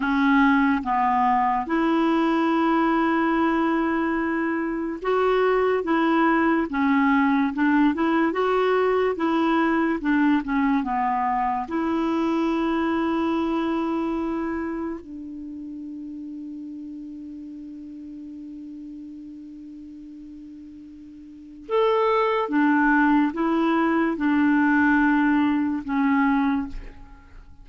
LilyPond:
\new Staff \with { instrumentName = "clarinet" } { \time 4/4 \tempo 4 = 72 cis'4 b4 e'2~ | e'2 fis'4 e'4 | cis'4 d'8 e'8 fis'4 e'4 | d'8 cis'8 b4 e'2~ |
e'2 d'2~ | d'1~ | d'2 a'4 d'4 | e'4 d'2 cis'4 | }